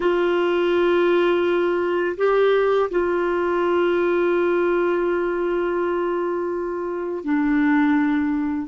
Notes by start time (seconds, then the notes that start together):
0.00 F4
2.17 G4
2.90 F4
7.24 D4